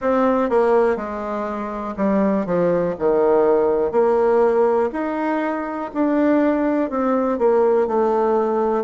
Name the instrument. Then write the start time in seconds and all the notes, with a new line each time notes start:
bassoon
0.00 C4
0.49 A#3
0.96 G#3
1.97 G3
2.45 F3
2.98 D#3
3.91 A#3
4.92 D#4
5.93 D4
6.89 C4
7.38 A#3
7.87 A3